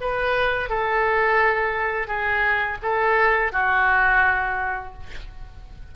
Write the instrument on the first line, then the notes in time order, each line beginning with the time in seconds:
oboe
0.00 B4
0.69 A4
2.07 G#4
2.82 A4
3.52 F#4